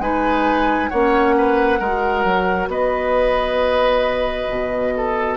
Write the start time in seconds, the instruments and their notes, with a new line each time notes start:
0.00 bassoon G#3, clarinet D#4, oboe B4, flute G#5
0.89 bassoon A#3, clarinet C#4, oboe C#5, flute F#5
1.37 oboe B4
1.79 bassoon G#3, clarinet F#4, oboe A#4
2.24 bassoon F#3
2.68 bassoon B3, oboe B4, flute D#5
4.50 bassoon B2
4.96 oboe A4